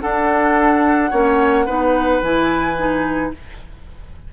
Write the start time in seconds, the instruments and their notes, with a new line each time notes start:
0.00 clarinet D4, bassoon D4, oboe A4, flute F#5
1.10 bassoon A#3, clarinet C#4, oboe C#5
1.65 bassoon B3, clarinet D#4, oboe B4
2.21 bassoon E3, clarinet E4, flute G#5
2.76 clarinet D#4